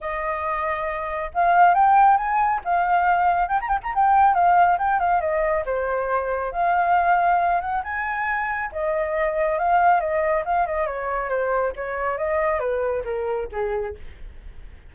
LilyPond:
\new Staff \with { instrumentName = "flute" } { \time 4/4 \tempo 4 = 138 dis''2. f''4 | g''4 gis''4 f''2 | g''16 ais''16 g''16 ais''16 g''4 f''4 g''8 f''8 | dis''4 c''2 f''4~ |
f''4. fis''8 gis''2 | dis''2 f''4 dis''4 | f''8 dis''8 cis''4 c''4 cis''4 | dis''4 b'4 ais'4 gis'4 | }